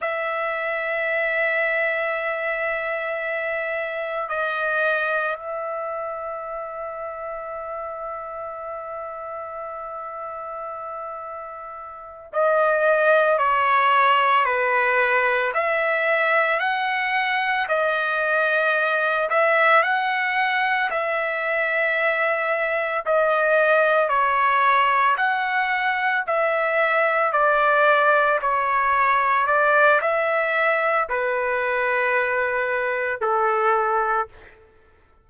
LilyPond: \new Staff \with { instrumentName = "trumpet" } { \time 4/4 \tempo 4 = 56 e''1 | dis''4 e''2.~ | e''2.~ e''8 dis''8~ | dis''8 cis''4 b'4 e''4 fis''8~ |
fis''8 dis''4. e''8 fis''4 e''8~ | e''4. dis''4 cis''4 fis''8~ | fis''8 e''4 d''4 cis''4 d''8 | e''4 b'2 a'4 | }